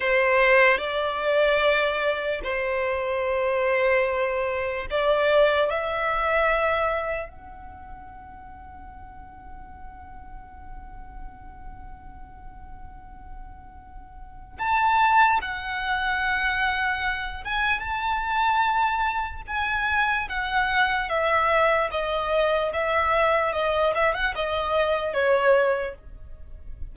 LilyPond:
\new Staff \with { instrumentName = "violin" } { \time 4/4 \tempo 4 = 74 c''4 d''2 c''4~ | c''2 d''4 e''4~ | e''4 fis''2.~ | fis''1~ |
fis''2 a''4 fis''4~ | fis''4. gis''8 a''2 | gis''4 fis''4 e''4 dis''4 | e''4 dis''8 e''16 fis''16 dis''4 cis''4 | }